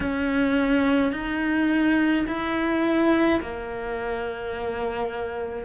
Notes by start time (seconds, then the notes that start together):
0.00 C#4
1.12 D#4
2.27 E4
3.41 A#3